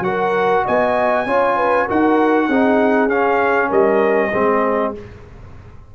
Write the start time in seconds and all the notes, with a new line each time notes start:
0.00 F#3 F#4 A#4 F#5
0.65 B3 D#5 G#5
1.27 C#4 F4 C#5
1.57 B4
1.87 D#4 F#4 A#4 F#5
2.49 C4 D#4 G#4
3.09 C#4 F5
3.69 G3 A#4 D#5
4.32 G#3 C4 G#4